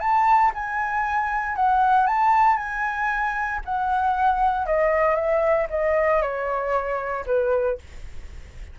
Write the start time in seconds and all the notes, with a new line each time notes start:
0.00 A5
0.54 G#5
1.56 F#5
2.07 A5
2.57 G#5
3.65 F#5
4.66 D#5
5.16 E5
5.70 D#5
6.22 C#5
7.26 B4